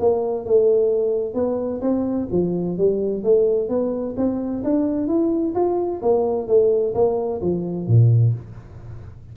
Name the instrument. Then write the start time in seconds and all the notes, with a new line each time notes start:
tuba
0.00 A#3
0.45 A3
1.34 B3
1.81 C4
2.32 F3
2.78 G3
3.24 A3
3.69 B3
4.17 C4
4.64 D4
5.07 E4
5.55 F4
6.02 A#3
6.48 A3
6.94 A#3
7.41 F3
7.87 A#2